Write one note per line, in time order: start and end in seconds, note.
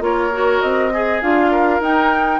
0.00 0.60 A#3
0.00 0.30 F4
0.00 0.93 A#4
0.00 0.61 C#5
0.32 0.92 F#4
0.61 1.22 C4
0.61 1.21 D#5
0.92 1.22 G#4
0.92 1.51 G#4
1.21 1.80 D4
1.21 1.81 F4
1.21 1.81 F5
1.51 2.40 A#4
1.80 2.40 D#4
1.80 2.40 G5